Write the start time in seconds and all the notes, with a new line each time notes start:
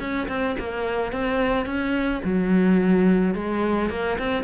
0.00 C#4
0.29 C4
0.59 A#3
1.12 C4
1.66 C#4
2.25 F#3
3.35 G#3
3.90 A#3
4.19 C4